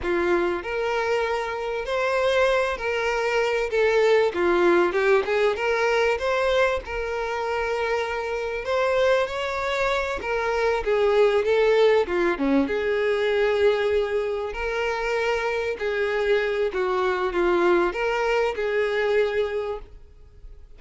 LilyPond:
\new Staff \with { instrumentName = "violin" } { \time 4/4 \tempo 4 = 97 f'4 ais'2 c''4~ | c''8 ais'4. a'4 f'4 | g'8 gis'8 ais'4 c''4 ais'4~ | ais'2 c''4 cis''4~ |
cis''8 ais'4 gis'4 a'4 f'8 | cis'8 gis'2. ais'8~ | ais'4. gis'4. fis'4 | f'4 ais'4 gis'2 | }